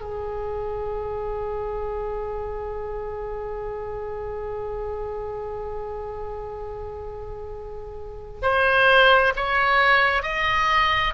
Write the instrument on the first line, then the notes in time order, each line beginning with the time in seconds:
oboe
0.00 G#4
8.42 C5
9.36 C#5
10.22 D#5